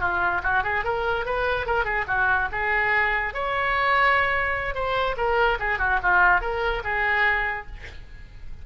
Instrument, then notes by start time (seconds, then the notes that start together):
oboe
0.00 F4
0.43 F#4
0.64 G#4
0.84 A#4
1.25 B4
1.66 A#4
1.84 G#4
2.07 F#4
2.52 G#4
3.34 C#5
4.75 C5
5.17 A#4
5.59 G#4
5.79 F#4
6.03 F4
6.41 A#4
6.84 G#4